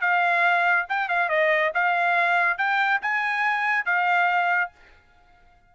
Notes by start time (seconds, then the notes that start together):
0.00 F5
0.88 G5
1.08 F5
1.29 D#5
1.74 F5
2.58 G5
3.01 G#5
3.85 F5